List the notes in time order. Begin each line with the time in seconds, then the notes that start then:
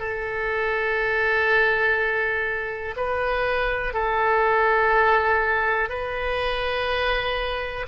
0.00 A4
2.97 B4
3.94 A4
5.89 B4